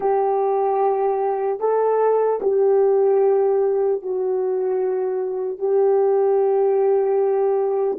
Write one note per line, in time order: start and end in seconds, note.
0.00 1.60 G4
1.60 2.40 A4
2.41 4.01 G4
4.02 5.58 F#4
5.58 7.98 G4